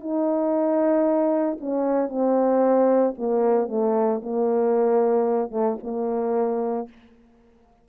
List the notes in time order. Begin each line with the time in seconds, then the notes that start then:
0.00 D#4
1.60 C#4
2.09 C4
3.18 A#3
3.68 A3
4.22 A#3
5.51 A3
5.83 A#3